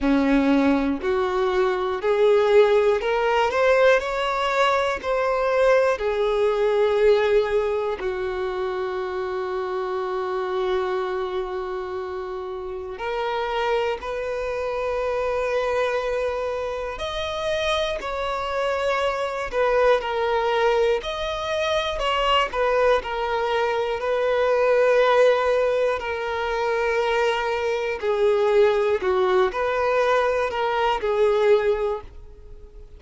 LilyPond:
\new Staff \with { instrumentName = "violin" } { \time 4/4 \tempo 4 = 60 cis'4 fis'4 gis'4 ais'8 c''8 | cis''4 c''4 gis'2 | fis'1~ | fis'4 ais'4 b'2~ |
b'4 dis''4 cis''4. b'8 | ais'4 dis''4 cis''8 b'8 ais'4 | b'2 ais'2 | gis'4 fis'8 b'4 ais'8 gis'4 | }